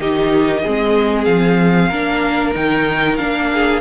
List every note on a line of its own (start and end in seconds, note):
0.00 0.64 D#3
0.00 0.65 D#4
0.00 0.62 G4
0.00 1.24 D#5
0.62 1.27 G#3
0.62 1.92 C4
0.62 1.89 G#4
1.24 1.91 F3
1.24 2.52 F5
1.89 2.55 A#3
1.89 2.54 D4
1.89 3.49 A#4
2.54 3.19 D#3
2.54 3.18 D#4
2.54 3.16 G5
3.16 3.81 A#3
3.16 3.81 D4
3.16 3.80 F5
3.53 3.81 G#4